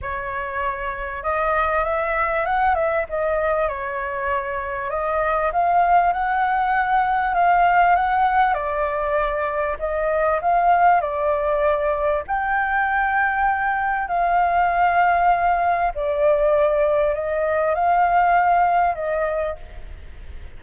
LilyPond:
\new Staff \with { instrumentName = "flute" } { \time 4/4 \tempo 4 = 98 cis''2 dis''4 e''4 | fis''8 e''8 dis''4 cis''2 | dis''4 f''4 fis''2 | f''4 fis''4 d''2 |
dis''4 f''4 d''2 | g''2. f''4~ | f''2 d''2 | dis''4 f''2 dis''4 | }